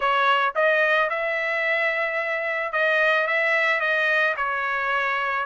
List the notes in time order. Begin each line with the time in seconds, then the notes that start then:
0.00 C#5
0.55 D#5
1.09 E5
2.72 D#5
3.27 E5
3.80 D#5
4.36 C#5